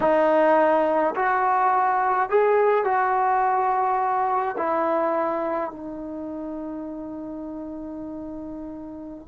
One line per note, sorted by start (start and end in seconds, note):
0.00 1.14 D#4
1.15 2.29 F#4
2.29 2.84 G#4
2.84 4.56 F#4
4.57 5.70 E4
5.70 9.27 D#4